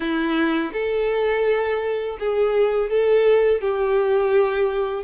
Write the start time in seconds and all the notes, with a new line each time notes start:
0.00 E4
0.73 A4
2.19 G#4
2.89 A4
3.61 G4